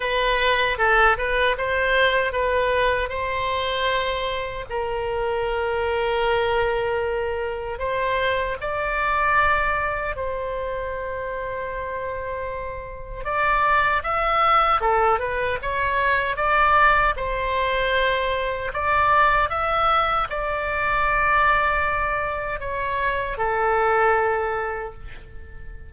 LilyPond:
\new Staff \with { instrumentName = "oboe" } { \time 4/4 \tempo 4 = 77 b'4 a'8 b'8 c''4 b'4 | c''2 ais'2~ | ais'2 c''4 d''4~ | d''4 c''2.~ |
c''4 d''4 e''4 a'8 b'8 | cis''4 d''4 c''2 | d''4 e''4 d''2~ | d''4 cis''4 a'2 | }